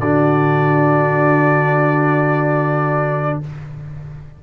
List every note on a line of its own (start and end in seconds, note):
0.00 3.40 D3
0.00 3.44 D4
0.00 3.40 F#4
0.00 3.40 D5